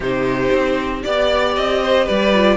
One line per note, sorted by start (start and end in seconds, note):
0.00 0.51 C3
0.00 1.04 D#4
0.00 1.02 G4
0.00 1.02 C5
0.52 1.03 C4
1.02 1.56 B3
1.02 2.33 G4
1.02 1.54 D5
1.02 1.82 D5
1.56 2.08 C4
1.56 2.07 D#5
1.82 2.04 C5
2.04 2.57 G3
2.04 2.56 B4
2.04 2.57 D5
2.34 2.57 F4